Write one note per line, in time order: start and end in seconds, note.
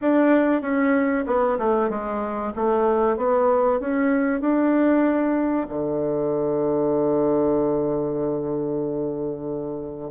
0.01 0.61 D4
0.61 1.24 C#4
1.26 1.58 B3
1.58 1.89 A3
1.89 2.52 G#3
2.55 3.16 A3
3.16 3.80 B3
3.80 4.40 C#4
4.40 5.67 D4
5.68 10.11 D3